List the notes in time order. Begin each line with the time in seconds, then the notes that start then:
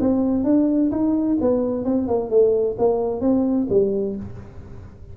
0.00 C4
0.44 D4
0.91 D#4
1.41 B3
1.85 C4
2.07 A#3
2.30 A3
2.78 A#3
3.21 C4
3.69 G3